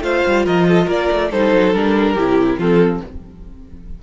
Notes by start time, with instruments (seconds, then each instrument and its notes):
0.00 cello A3, viola F4, violin C5 F5
0.26 cello G3
0.45 cello F3, violin A#4 D#5
0.67 violin A4
0.85 cello A#3, violin A#4 D5
1.11 cello A3
1.30 cello G3, viola D#4, violin A4 C5
1.53 cello F#3
1.73 cello G3, viola D4, violin A#4
2.13 viola E4, violin G4
2.20 cello C3
2.57 cello F3, viola C4, violin F4 A4